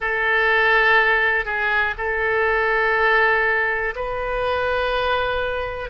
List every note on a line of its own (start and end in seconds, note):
0.00 1.45 A4
1.45 1.94 G#4
1.97 3.94 A4
3.95 5.90 B4